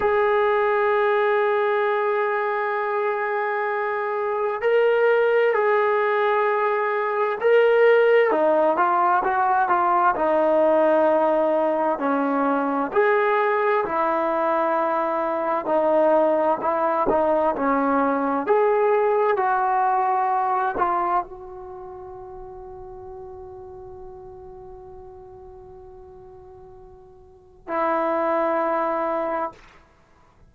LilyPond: \new Staff \with { instrumentName = "trombone" } { \time 4/4 \tempo 4 = 65 gis'1~ | gis'4 ais'4 gis'2 | ais'4 dis'8 f'8 fis'8 f'8 dis'4~ | dis'4 cis'4 gis'4 e'4~ |
e'4 dis'4 e'8 dis'8 cis'4 | gis'4 fis'4. f'8 fis'4~ | fis'1~ | fis'2 e'2 | }